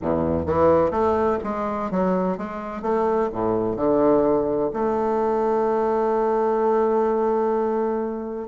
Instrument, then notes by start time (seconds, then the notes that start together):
bassoon
0.01 E2
0.46 E3
0.90 A3
1.43 G#3
1.90 F#3
2.37 G#3
2.82 A3
3.32 A2
3.76 D3
4.73 A3